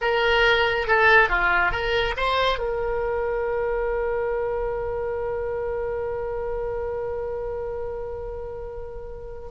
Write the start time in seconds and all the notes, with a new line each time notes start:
0.01 A#4
0.87 A4
1.29 F4
1.71 A#4
2.16 C5
2.58 A#4